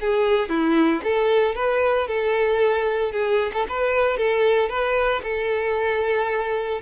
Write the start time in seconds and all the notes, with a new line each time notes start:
0.00 G#4
0.49 E4
1.04 A4
1.55 B4
2.07 A4
3.12 G#4
3.53 A4
3.68 B4
4.17 A4
4.69 B4
5.23 A4